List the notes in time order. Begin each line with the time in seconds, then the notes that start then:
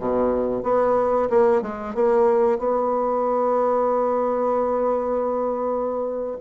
0.00 B2
0.63 B3
1.30 A#3
1.62 G#3
1.95 A#3
2.58 B3